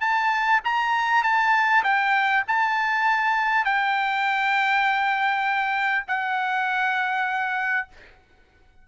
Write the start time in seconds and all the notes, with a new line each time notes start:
0.00 A5
0.64 A#5
1.23 A5
1.84 G5
2.47 A5
3.64 G5
6.07 F#5